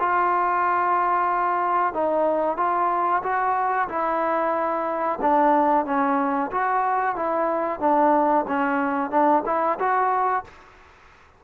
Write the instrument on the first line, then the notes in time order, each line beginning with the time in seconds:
trombone
0.00 F4
1.94 D#4
2.58 F4
3.23 F#4
3.89 E4
5.22 D4
5.86 C#4
6.52 F#4
7.17 E4
7.81 D4
8.48 C#4
9.11 D4
9.47 E4
9.79 F#4